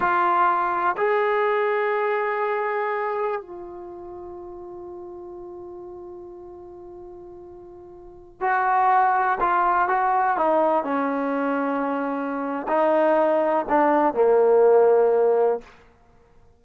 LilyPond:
\new Staff \with { instrumentName = "trombone" } { \time 4/4 \tempo 4 = 123 f'2 gis'2~ | gis'2. f'4~ | f'1~ | f'1~ |
f'4~ f'16 fis'2 f'8.~ | f'16 fis'4 dis'4 cis'4.~ cis'16~ | cis'2 dis'2 | d'4 ais2. | }